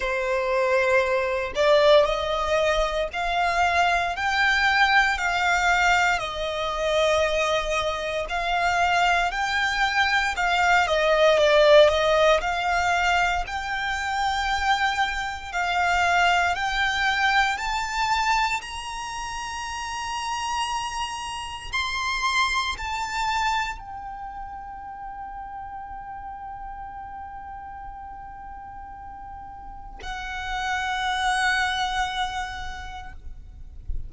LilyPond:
\new Staff \with { instrumentName = "violin" } { \time 4/4 \tempo 4 = 58 c''4. d''8 dis''4 f''4 | g''4 f''4 dis''2 | f''4 g''4 f''8 dis''8 d''8 dis''8 | f''4 g''2 f''4 |
g''4 a''4 ais''2~ | ais''4 c'''4 a''4 g''4~ | g''1~ | g''4 fis''2. | }